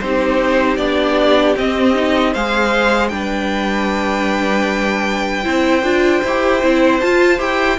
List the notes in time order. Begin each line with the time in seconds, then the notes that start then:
0.00 C4 D#4 G4 C5
0.77 B3 D4 D5
1.56 C4 D#5
1.94 D#4
2.32 G#3 G#4 C5 F5
3.08 G3 D4 G5
3.15 B4
5.44 C4 E4 C5
5.83 D4 F4
6.24 E4 G4
6.62 C4 E4
7.01 F4 A5
7.38 E4 G4 G5